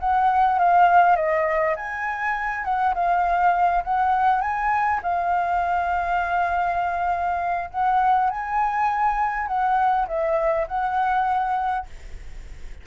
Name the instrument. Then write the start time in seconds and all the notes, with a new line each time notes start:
flute
0.00 F#5
0.59 F5
1.16 D#5
1.76 G#5
2.65 F#5
2.95 F5
3.85 F#5
4.41 G#5
5.03 F5
7.71 F#5
8.30 G#5
9.48 F#5
10.08 E5
10.68 F#5